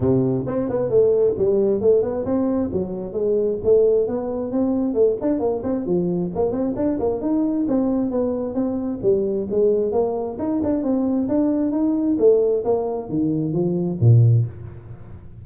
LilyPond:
\new Staff \with { instrumentName = "tuba" } { \time 4/4 \tempo 4 = 133 c4 c'8 b8 a4 g4 | a8 b8 c'4 fis4 gis4 | a4 b4 c'4 a8 d'8 | ais8 c'8 f4 ais8 c'8 d'8 ais8 |
dis'4 c'4 b4 c'4 | g4 gis4 ais4 dis'8 d'8 | c'4 d'4 dis'4 a4 | ais4 dis4 f4 ais,4 | }